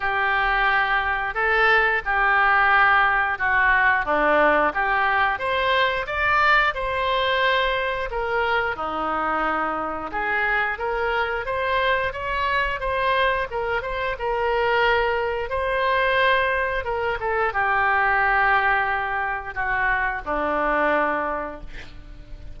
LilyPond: \new Staff \with { instrumentName = "oboe" } { \time 4/4 \tempo 4 = 89 g'2 a'4 g'4~ | g'4 fis'4 d'4 g'4 | c''4 d''4 c''2 | ais'4 dis'2 gis'4 |
ais'4 c''4 cis''4 c''4 | ais'8 c''8 ais'2 c''4~ | c''4 ais'8 a'8 g'2~ | g'4 fis'4 d'2 | }